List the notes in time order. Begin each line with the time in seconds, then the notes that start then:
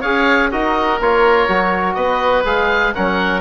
0.00 C#4 G#4 C#5 F5
0.51 D#4 F#4 A#4 D#5
1.00 A#3 F4 C#5
1.48 F#3 F#4
1.94 B3 B4 D#5
2.45 G#3 G#4 F5
2.94 F#3 C#4 A#4 F#5